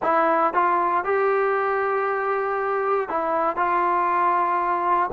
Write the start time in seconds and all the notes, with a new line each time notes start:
0.02 E4
0.53 F4
1.04 G4
3.09 E4
3.56 F4